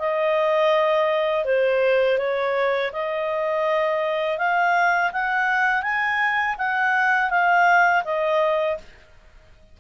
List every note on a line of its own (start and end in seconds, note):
0.00 1.45 D#5
1.45 2.19 C5
2.19 2.92 C#5
2.93 4.38 D#5
4.38 5.12 F5
5.13 5.83 F#5
5.83 6.56 G#5
6.59 7.30 F#5
7.30 8.04 F5
8.05 8.78 D#5